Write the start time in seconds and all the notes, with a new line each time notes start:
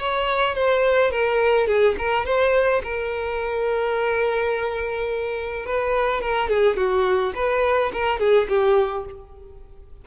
0.00 C#5
0.56 C5
1.11 A#4
1.67 G#4
1.99 A#4
2.26 C5
2.84 A#4
5.66 B4
6.21 A#4
6.49 G#4
6.77 F#4
7.36 B4
7.93 A#4
8.20 G#4
8.49 G4